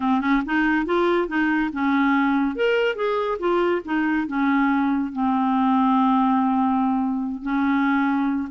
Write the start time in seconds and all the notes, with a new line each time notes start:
0.00 C4
0.20 C#4
0.45 D#4
0.85 F4
1.28 D#4
1.73 C#4
2.55 A#4
2.95 G#4
3.39 F4
3.84 D#4
4.27 C#4
5.12 C4
7.42 C#4